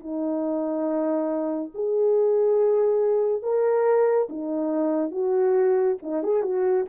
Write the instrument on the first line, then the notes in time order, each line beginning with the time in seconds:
horn
0.00 D#4
1.75 G#4
3.42 A#4
4.29 D#4
5.12 F#4
6.02 D#4
6.23 G#4
6.43 F#4